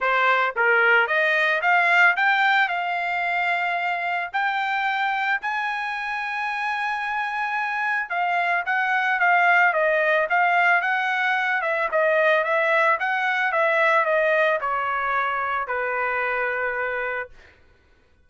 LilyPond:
\new Staff \with { instrumentName = "trumpet" } { \time 4/4 \tempo 4 = 111 c''4 ais'4 dis''4 f''4 | g''4 f''2. | g''2 gis''2~ | gis''2. f''4 |
fis''4 f''4 dis''4 f''4 | fis''4. e''8 dis''4 e''4 | fis''4 e''4 dis''4 cis''4~ | cis''4 b'2. | }